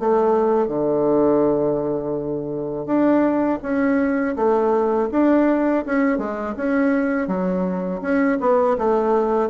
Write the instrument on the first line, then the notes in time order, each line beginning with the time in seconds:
bassoon
0.00 A3
0.68 D3
2.87 D4
3.63 C#4
4.36 A3
5.12 D4
5.86 C#4
6.18 G#3
6.57 C#4
7.28 F#3
8.02 C#4
8.41 B3
8.78 A3